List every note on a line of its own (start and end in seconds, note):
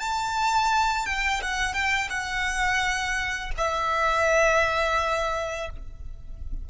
0.00 1.06 A5
1.06 1.41 G5
1.41 1.73 F#5
1.73 2.09 G5
2.10 3.51 F#5
3.57 5.69 E5